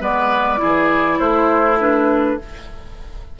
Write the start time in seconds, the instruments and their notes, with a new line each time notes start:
0.00 bassoon G#3, clarinet B3, oboe B4, flute D5
0.58 bassoon E3, clarinet E4, oboe G#4
1.19 bassoon A3, oboe E4, flute C5
1.81 clarinet D4, flute B4